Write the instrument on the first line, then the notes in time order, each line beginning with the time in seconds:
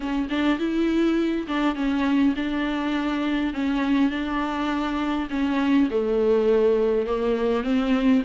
viola
0.00 C#4
0.29 D4
0.58 E4
1.47 D4
1.75 C#4
2.35 D4
3.53 C#4
4.10 D4
5.30 C#4
5.90 A3
7.06 A#3
7.63 C4